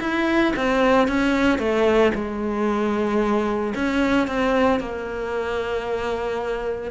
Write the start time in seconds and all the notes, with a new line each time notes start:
0.00 E4
0.56 C4
1.07 C#4
1.59 A3
2.14 G#3
3.75 C#4
4.27 C4
4.80 A#3